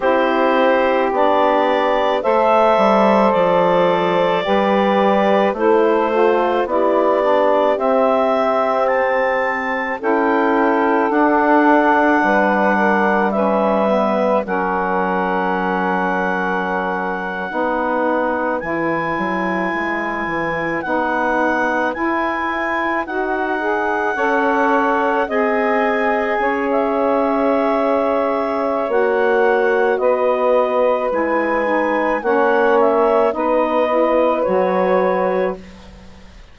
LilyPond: <<
  \new Staff \with { instrumentName = "clarinet" } { \time 4/4 \tempo 4 = 54 c''4 d''4 e''4 d''4~ | d''4 c''4 d''4 e''4 | a''4 g''4 fis''2 | e''4 fis''2.~ |
fis''8. gis''2 fis''4 gis''16~ | gis''8. fis''2 gis''4~ gis''16 | e''2 fis''4 dis''4 | gis''4 fis''8 e''8 dis''4 cis''4 | }
  \new Staff \with { instrumentName = "saxophone" } { \time 4/4 g'2 c''2 | b'4 a'4 g'2~ | g'4 a'2 b'8 ais'8 | b'4 ais'2~ ais'8. b'16~ |
b'1~ | b'4.~ b'16 cis''4 dis''4 cis''16~ | cis''2. b'4~ | b'4 cis''4 b'2 | }
  \new Staff \with { instrumentName = "saxophone" } { \time 4/4 e'4 d'4 a'2 | g'4 e'8 f'8 e'8 d'8 c'4~ | c'4 e'4 d'2 | cis'8 b8 cis'2~ cis'8. dis'16~ |
dis'8. e'2 dis'4 e'16~ | e'8. fis'8 gis'8 a'4 gis'4~ gis'16~ | gis'2 fis'2 | e'8 dis'8 cis'4 dis'8 e'8 fis'4 | }
  \new Staff \with { instrumentName = "bassoon" } { \time 4/4 c'4 b4 a8 g8 f4 | g4 a4 b4 c'4~ | c'4 cis'4 d'4 g4~ | g4 fis2~ fis8. b16~ |
b8. e8 fis8 gis8 e8 b4 e'16~ | e'8. dis'4 cis'4 c'4 cis'16~ | cis'2 ais4 b4 | gis4 ais4 b4 fis4 | }
>>